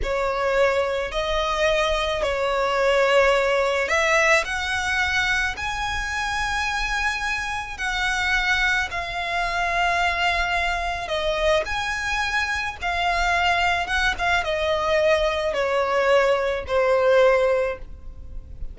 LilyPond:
\new Staff \with { instrumentName = "violin" } { \time 4/4 \tempo 4 = 108 cis''2 dis''2 | cis''2. e''4 | fis''2 gis''2~ | gis''2 fis''2 |
f''1 | dis''4 gis''2 f''4~ | f''4 fis''8 f''8 dis''2 | cis''2 c''2 | }